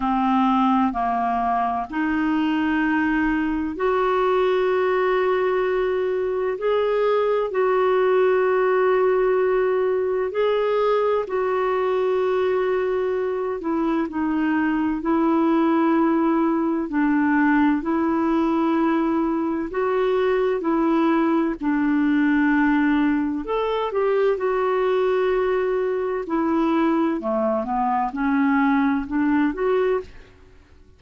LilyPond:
\new Staff \with { instrumentName = "clarinet" } { \time 4/4 \tempo 4 = 64 c'4 ais4 dis'2 | fis'2. gis'4 | fis'2. gis'4 | fis'2~ fis'8 e'8 dis'4 |
e'2 d'4 e'4~ | e'4 fis'4 e'4 d'4~ | d'4 a'8 g'8 fis'2 | e'4 a8 b8 cis'4 d'8 fis'8 | }